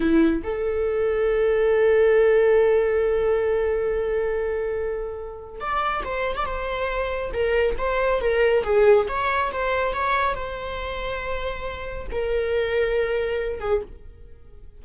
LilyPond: \new Staff \with { instrumentName = "viola" } { \time 4/4 \tempo 4 = 139 e'4 a'2.~ | a'1~ | a'1~ | a'4 d''4 c''8. d''16 c''4~ |
c''4 ais'4 c''4 ais'4 | gis'4 cis''4 c''4 cis''4 | c''1 | ais'2.~ ais'8 gis'8 | }